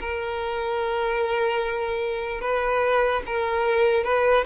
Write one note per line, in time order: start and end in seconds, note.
0.00 2.41 A#4
2.41 3.22 B4
3.26 4.04 A#4
4.04 4.44 B4